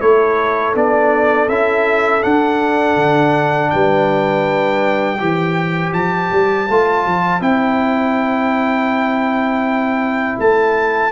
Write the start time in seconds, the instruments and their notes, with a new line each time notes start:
0.00 tuba A3, trombone E4, horn A4, trumpet C#5
0.74 tuba B3, trombone D4, trumpet D5
1.48 tuba C#4, trombone E4, trumpet E5
2.21 trombone D4, tuba D4, trumpet F#5
2.96 tuba D3
3.70 tuba G3, horn B4, trumpet G5
5.19 tuba E3, trombone G4, horn C5
5.93 tuba F3, trumpet A5
6.32 tuba G3
6.69 tuba A3, trombone F4
7.05 tuba F3
7.40 tuba C4, trombone E4, trumpet G5
10.38 tuba A3, trumpet A5